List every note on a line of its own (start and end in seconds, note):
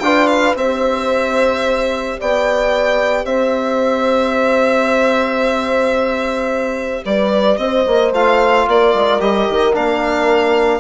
0.00 0.55 D4
0.00 0.56 F4
0.00 0.57 B4
0.00 0.27 G5
0.27 0.54 F5
0.55 2.17 C4
0.55 8.13 G4
0.55 2.19 C5
0.55 2.20 E5
2.20 3.24 B3
2.20 3.26 D5
2.20 3.25 G5
3.24 7.03 C4
3.24 7.04 C5
3.24 7.03 E5
7.05 7.58 G3
7.05 7.60 B4
7.05 7.57 D5
7.57 7.85 C4
7.57 8.69 C5
7.57 8.11 D#5
7.87 8.12 A#3
8.12 8.66 A3
8.12 9.20 F4
8.12 8.68 F5
8.67 8.94 A#3
8.67 10.80 A#4
8.67 9.21 D5
8.94 9.20 G#3
9.20 9.48 G3
9.20 9.73 G4
9.20 9.75 D#5
9.49 9.76 D#3
9.73 10.80 A#3
9.73 10.80 D4
9.73 10.80 F5